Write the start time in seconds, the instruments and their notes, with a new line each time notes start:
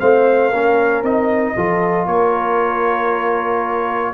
0.00 tuba A3, trombone C4, horn C5, trumpet F5
0.49 tuba A#3, trombone C#4, horn A#4
1.03 tuba C4, trombone D#4, trumpet D#5
1.56 tuba F3, trombone F4, horn A4
2.06 tuba A#3, horn A#4, trumpet C#5